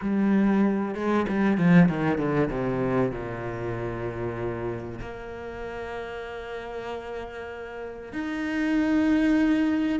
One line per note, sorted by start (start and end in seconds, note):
0.01 0.94 G3
0.94 1.26 G#3
1.28 1.57 G3
1.57 1.88 F3
1.88 2.18 D#3
2.18 2.49 D3
2.50 3.11 C3
3.11 4.99 A#2
5.01 8.12 A#3
8.12 9.99 D#4